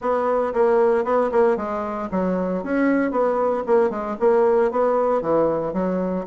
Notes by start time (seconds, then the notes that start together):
0.01 B3
0.53 A#3
1.04 B3
1.31 A#3
1.56 G#3
2.11 F#3
2.63 C#4
3.11 B3
3.66 A#3
3.90 G#3
4.19 A#3
4.71 B3
5.21 E3
5.72 F#3